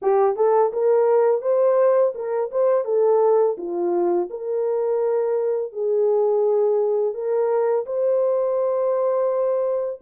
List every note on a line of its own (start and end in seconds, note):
0.02 0.36 G4
0.36 0.71 A4
0.72 1.41 A#4
1.41 2.13 C5
2.14 2.50 A#4
2.51 2.84 C5
2.84 3.56 A4
3.57 4.29 F4
4.30 5.72 A#4
5.72 7.14 G#4
7.14 7.85 A#4
7.86 10.00 C5